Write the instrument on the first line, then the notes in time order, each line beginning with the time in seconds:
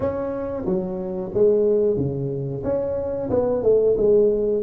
tuba
0.00 C#4
0.65 F#3
1.34 G#3
1.96 C#3
2.63 C#4
3.30 B3
3.63 A3
3.97 G#3